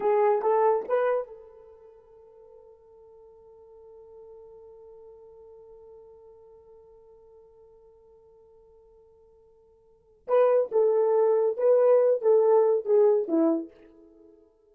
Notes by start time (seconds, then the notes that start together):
0.00 G#4
0.42 A4
0.88 B4
1.27 A4
10.27 B4
10.71 A4
11.57 B4
12.21 A4
12.85 G#4
13.27 E4